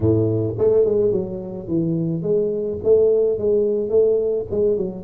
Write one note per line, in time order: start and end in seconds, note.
0.00 0.55 A2
0.58 0.85 A3
0.85 1.11 G#3
1.11 1.67 F#3
1.67 2.22 E3
2.22 2.78 G#3
2.83 3.38 A3
3.38 3.89 G#3
3.89 4.45 A3
4.50 4.77 G#3
4.77 5.04 F#3